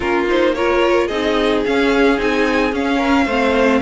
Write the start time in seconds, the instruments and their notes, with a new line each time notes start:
0.00 cello A#3, viola C#4, violin F4 A#4
0.27 viola D#4, violin C5
0.54 viola F4, violin A#4 C#5
1.07 cello C4, viola D#4, violin G#4 D#5
1.65 viola C#4, cello C#4, violin F5
2.17 cello C4, viola D#4, violin G#5
2.72 cello C#4, viola C#4, violin F5
2.97 violin A#4
3.25 cello A3, viola C4, violin C5